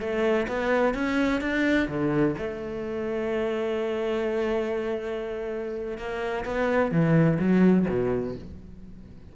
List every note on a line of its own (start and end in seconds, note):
0.00 0.47 A3
0.48 0.94 B3
0.94 1.41 C#4
1.41 1.88 D4
1.89 2.35 D3
2.38 5.98 A3
5.98 6.45 A#3
6.45 6.92 B3
6.92 7.38 E3
7.39 7.86 F#3
7.89 8.36 B2